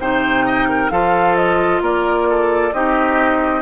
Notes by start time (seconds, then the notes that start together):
0.00 C3 D#4 C5 G5
0.46 D#5
0.69 A#4
0.91 F3 F4 A4 F5
1.36 D#5
1.82 A#3 A#4 D5
2.30 A4
2.73 C4 D#4 G4 D#5